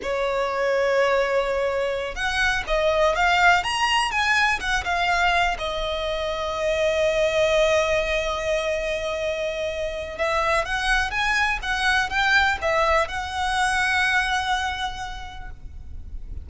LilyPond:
\new Staff \with { instrumentName = "violin" } { \time 4/4 \tempo 4 = 124 cis''1~ | cis''8 fis''4 dis''4 f''4 ais''8~ | ais''8 gis''4 fis''8 f''4. dis''8~ | dis''1~ |
dis''1~ | dis''4 e''4 fis''4 gis''4 | fis''4 g''4 e''4 fis''4~ | fis''1 | }